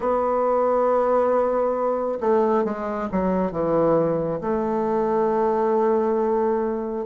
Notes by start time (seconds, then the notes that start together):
0.00 B3
2.20 A3
2.64 G#3
3.11 F#3
3.51 E3
4.40 A3